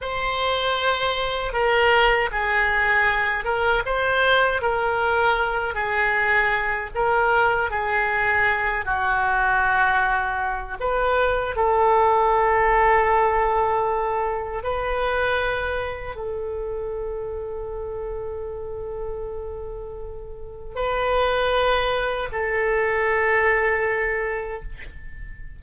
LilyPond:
\new Staff \with { instrumentName = "oboe" } { \time 4/4 \tempo 4 = 78 c''2 ais'4 gis'4~ | gis'8 ais'8 c''4 ais'4. gis'8~ | gis'4 ais'4 gis'4. fis'8~ | fis'2 b'4 a'4~ |
a'2. b'4~ | b'4 a'2.~ | a'2. b'4~ | b'4 a'2. | }